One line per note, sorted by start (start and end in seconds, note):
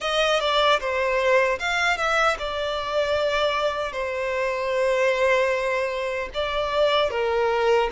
0.00 0.39 D#5
0.39 0.79 D5
0.80 1.59 C5
1.59 1.97 F5
1.97 2.36 E5
2.38 3.92 D5
3.92 6.29 C5
6.34 7.10 D5
7.10 7.89 A#4